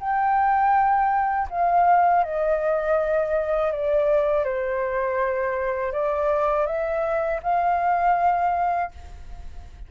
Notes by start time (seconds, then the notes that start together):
0.00 G5
1.50 F5
2.24 D#5
3.72 D5
4.44 C5
5.93 D5
6.66 E5
7.43 F5